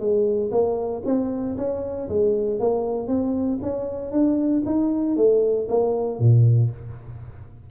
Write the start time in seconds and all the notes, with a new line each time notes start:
0.00 G#3
0.52 A#3
1.06 C4
1.57 C#4
2.09 G#3
2.60 A#3
3.08 C4
3.62 C#4
4.12 D4
4.66 D#4
5.17 A3
5.69 A#3
6.20 A#2